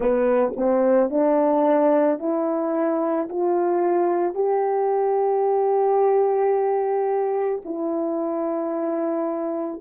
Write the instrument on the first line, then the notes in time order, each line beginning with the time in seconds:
horn
0.00 B3
0.56 C4
1.10 D4
2.19 E4
3.29 F4
4.34 G4
7.64 E4